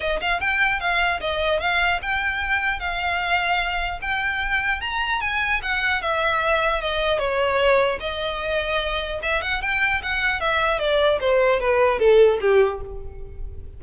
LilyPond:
\new Staff \with { instrumentName = "violin" } { \time 4/4 \tempo 4 = 150 dis''8 f''8 g''4 f''4 dis''4 | f''4 g''2 f''4~ | f''2 g''2 | ais''4 gis''4 fis''4 e''4~ |
e''4 dis''4 cis''2 | dis''2. e''8 fis''8 | g''4 fis''4 e''4 d''4 | c''4 b'4 a'4 g'4 | }